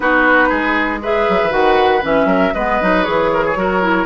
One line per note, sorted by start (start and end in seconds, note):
0.00 0.50 B3
0.00 1.01 D#4
0.00 0.48 F#4
0.00 1.00 B4
0.48 1.27 G#3
0.48 0.99 G#4
1.02 1.50 G#4
1.02 2.27 B4
1.02 1.51 E5
1.28 1.41 F#3
1.43 1.51 E3
1.50 2.02 D#3
1.50 2.00 F#4
1.50 2.02 F#5
2.01 2.25 E3
2.01 2.52 C#4
2.01 2.54 E5
2.25 2.50 F#3
2.25 2.53 A#4
2.54 2.80 G#3
2.54 2.81 B3
2.54 3.30 B4
2.54 3.04 D#5
2.81 3.07 F#3
2.81 3.03 D#4
3.03 3.56 E3
3.03 3.54 G#4
3.03 4.06 C#5
3.32 3.45 A#4
3.45 3.57 G#4
3.56 4.06 F#3
3.56 3.81 F#4
3.56 4.06 A#4
3.81 4.06 E4